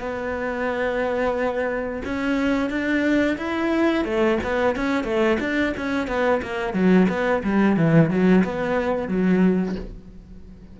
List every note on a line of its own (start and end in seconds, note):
0.00 2.02 B3
2.04 2.70 C#4
2.70 3.37 D4
3.38 4.04 E4
4.04 4.38 A3
4.43 4.76 B3
4.76 5.04 C#4
5.04 5.38 A3
5.40 5.74 D4
5.77 6.07 C#4
6.07 6.41 B3
6.42 6.74 A#3
6.74 7.07 F#3
7.09 7.43 B3
7.44 7.77 G3
7.77 8.10 E3
8.10 8.44 F#3
8.44 9.08 B3
9.08 9.75 F#3